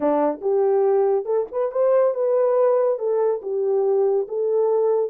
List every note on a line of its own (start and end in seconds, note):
0.00 0.40 D4
0.41 1.25 G4
1.25 1.46 A4
1.51 1.71 B4
1.71 2.14 C5
2.14 2.98 B4
2.98 3.41 A4
3.42 4.27 G4
4.28 5.10 A4